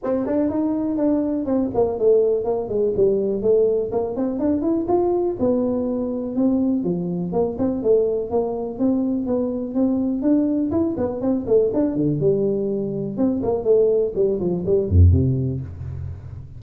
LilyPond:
\new Staff \with { instrumentName = "tuba" } { \time 4/4 \tempo 4 = 123 c'8 d'8 dis'4 d'4 c'8 ais8 | a4 ais8 gis8 g4 a4 | ais8 c'8 d'8 e'8 f'4 b4~ | b4 c'4 f4 ais8 c'8 |
a4 ais4 c'4 b4 | c'4 d'4 e'8 b8 c'8 a8 | d'8 d8 g2 c'8 ais8 | a4 g8 f8 g8 f,8 c4 | }